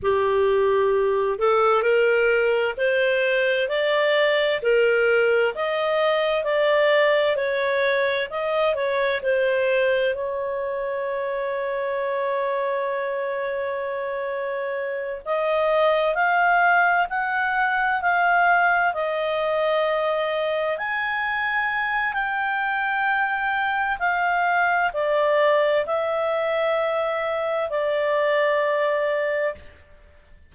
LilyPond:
\new Staff \with { instrumentName = "clarinet" } { \time 4/4 \tempo 4 = 65 g'4. a'8 ais'4 c''4 | d''4 ais'4 dis''4 d''4 | cis''4 dis''8 cis''8 c''4 cis''4~ | cis''1~ |
cis''8 dis''4 f''4 fis''4 f''8~ | f''8 dis''2 gis''4. | g''2 f''4 d''4 | e''2 d''2 | }